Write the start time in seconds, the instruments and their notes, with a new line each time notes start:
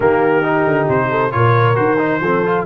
0.00 tuba D#3, trombone A#3, horn G4, trumpet A#4
0.42 trombone D#4
0.65 tuba D3
0.88 tuba C3, trumpet C5
1.10 horn A4
1.31 tuba A#2, trombone F4, horn A#4, trumpet C#5
1.75 tuba D#3, trombone F#4, trumpet C5
1.98 trombone D#4
2.20 tuba F3, trombone C4, horn A4
2.45 trombone F4